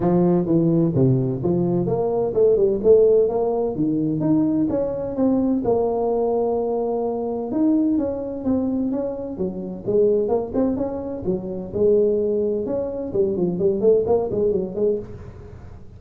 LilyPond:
\new Staff \with { instrumentName = "tuba" } { \time 4/4 \tempo 4 = 128 f4 e4 c4 f4 | ais4 a8 g8 a4 ais4 | dis4 dis'4 cis'4 c'4 | ais1 |
dis'4 cis'4 c'4 cis'4 | fis4 gis4 ais8 c'8 cis'4 | fis4 gis2 cis'4 | g8 f8 g8 a8 ais8 gis8 fis8 gis8 | }